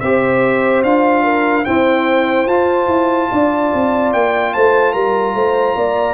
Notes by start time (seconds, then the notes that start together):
0.00 C4 G4 C5 E5
0.83 D4 F4 F5
1.23 A#4
1.65 C4 E4 C5 G5
2.46 F4 A5
2.87 E4
3.32 D4 D5
3.73 C4
4.13 A#3 G5
4.53 A3 C5 A5
4.93 G3 A#4 A#5
5.34 A3 C5
5.76 A#3 D5